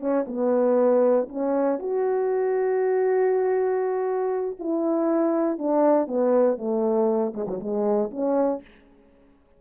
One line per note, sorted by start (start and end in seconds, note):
0.00 0.25 C#4
0.27 1.28 B3
1.29 1.79 C#4
1.79 4.57 F#4
4.59 5.58 E4
5.58 6.07 D4
6.07 6.58 B3
6.58 7.33 A3
7.33 7.46 G#3
7.47 7.60 F#3
7.60 8.10 G#3
8.11 8.61 C#4